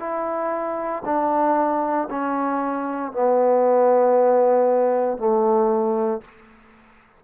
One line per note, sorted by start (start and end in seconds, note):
0.00 1.03 E4
1.05 2.09 D4
2.11 3.13 C#4
3.13 5.18 B3
5.18 6.22 A3